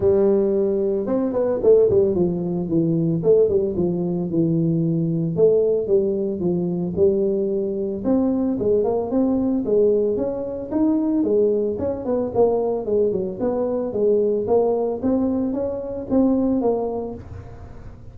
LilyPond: \new Staff \with { instrumentName = "tuba" } { \time 4/4 \tempo 4 = 112 g2 c'8 b8 a8 g8 | f4 e4 a8 g8 f4 | e2 a4 g4 | f4 g2 c'4 |
gis8 ais8 c'4 gis4 cis'4 | dis'4 gis4 cis'8 b8 ais4 | gis8 fis8 b4 gis4 ais4 | c'4 cis'4 c'4 ais4 | }